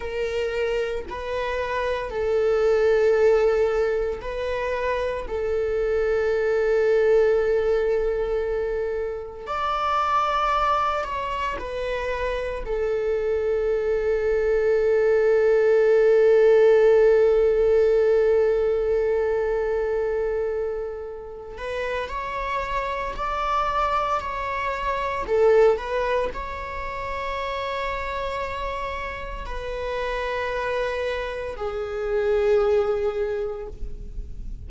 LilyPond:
\new Staff \with { instrumentName = "viola" } { \time 4/4 \tempo 4 = 57 ais'4 b'4 a'2 | b'4 a'2.~ | a'4 d''4. cis''8 b'4 | a'1~ |
a'1~ | a'8 b'8 cis''4 d''4 cis''4 | a'8 b'8 cis''2. | b'2 gis'2 | }